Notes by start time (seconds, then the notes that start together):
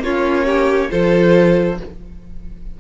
0.00 A#3 C#4 F4 C#5
0.46 G4
0.90 F3 F4 A4 C5